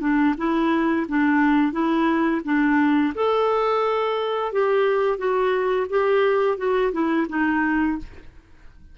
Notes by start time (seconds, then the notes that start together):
0.00 D4
0.37 E4
1.08 D4
1.72 E4
2.44 D4
3.14 A4
4.52 G4
5.18 F#4
5.89 G4
6.57 F#4
6.92 E4
7.29 D#4